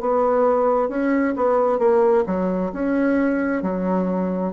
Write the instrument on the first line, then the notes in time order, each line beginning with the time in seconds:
bassoon
0.00 B3
0.88 C#4
1.36 B3
1.78 A#3
2.26 F#3
2.72 C#4
3.62 F#3